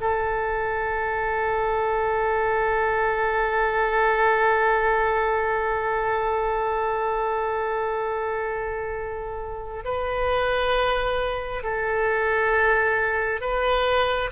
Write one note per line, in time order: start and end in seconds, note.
0.00 9.84 A4
9.84 11.63 B4
11.63 13.40 A4
13.40 14.30 B4